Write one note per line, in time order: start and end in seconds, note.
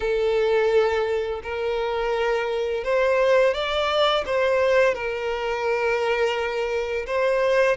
0.00 1.41 A4
1.43 2.84 A#4
2.84 3.54 C5
3.54 4.24 D5
4.25 4.94 C5
4.94 7.06 A#4
7.06 7.76 C5